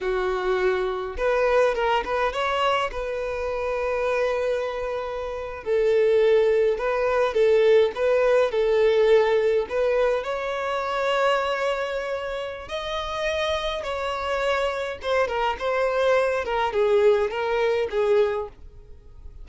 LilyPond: \new Staff \with { instrumentName = "violin" } { \time 4/4 \tempo 4 = 104 fis'2 b'4 ais'8 b'8 | cis''4 b'2.~ | b'4.~ b'16 a'2 b'16~ | b'8. a'4 b'4 a'4~ a'16~ |
a'8. b'4 cis''2~ cis''16~ | cis''2 dis''2 | cis''2 c''8 ais'8 c''4~ | c''8 ais'8 gis'4 ais'4 gis'4 | }